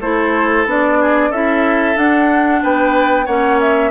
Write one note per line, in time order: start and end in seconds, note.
0.00 0.65 A3
0.00 0.66 E4
0.00 0.98 A4
0.00 0.66 C5
0.65 1.30 B3
0.65 1.32 D4
0.65 1.32 D5
1.01 1.30 G#4
1.30 1.95 C#4
1.30 1.96 E4
1.30 2.60 A4
1.30 1.97 E5
1.96 3.26 D4
1.96 2.62 D4
1.96 2.62 F#5
2.62 3.27 B3
2.62 3.26 B4
2.62 3.26 G5
3.26 3.91 A#3
3.26 3.91 C#4
3.26 3.91 C#5
3.26 3.59 F#5
3.60 3.91 E5